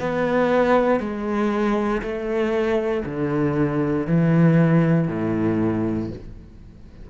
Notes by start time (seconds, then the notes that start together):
0.00 B3
1.00 G#3
2.02 A3
3.05 D3
4.07 E3
5.08 A2